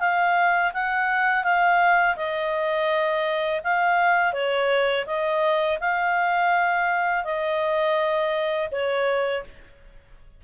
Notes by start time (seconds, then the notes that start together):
0.00 F5
0.73 F#5
1.44 F5
2.16 D#5
3.64 F5
4.33 C#5
5.06 D#5
5.80 F5
7.25 D#5
8.71 C#5